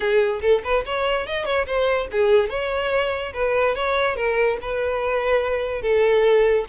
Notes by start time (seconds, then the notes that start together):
0.00 G#4
0.41 A4
0.63 B4
0.85 C#5
1.26 D#5
1.45 C#5
1.66 C5
2.11 G#4
2.49 C#5
3.33 B4
3.75 C#5
4.16 A#4
4.61 B4
5.81 A4